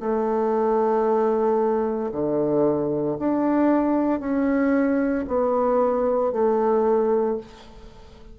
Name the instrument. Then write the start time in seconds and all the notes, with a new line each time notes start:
bassoon
0.00 A3
2.11 D3
3.19 D4
4.20 C#4
5.27 B3
6.32 A3